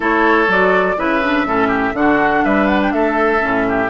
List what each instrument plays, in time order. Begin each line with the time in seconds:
0.00 bassoon A3, clarinet E4, oboe A4, flute C#5
0.47 bassoon F#3, clarinet F#4, flute D5
0.96 bassoon C#3, clarinet E4, oboe B4, flute E5
1.22 clarinet D4
1.44 bassoon A2, clarinet C#4, oboe A4
1.67 oboe G4
1.93 bassoon D3, clarinet D4, oboe F#4, flute F#5
2.44 bassoon G3, oboe B4, flute E5
2.67 flute F#5
2.82 flute G5
2.92 bassoon A3, oboe A4, flute E5
3.39 bassoon A2, clarinet C#4
3.68 oboe G4